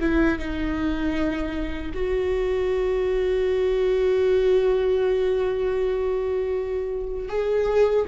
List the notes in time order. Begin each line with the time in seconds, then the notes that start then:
0.00 E4
0.38 D#4
1.93 F#4
7.28 G#4